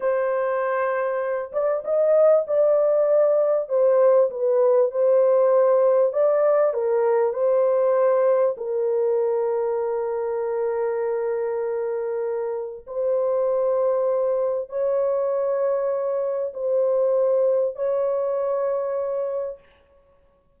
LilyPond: \new Staff \with { instrumentName = "horn" } { \time 4/4 \tempo 4 = 98 c''2~ c''8 d''8 dis''4 | d''2 c''4 b'4 | c''2 d''4 ais'4 | c''2 ais'2~ |
ais'1~ | ais'4 c''2. | cis''2. c''4~ | c''4 cis''2. | }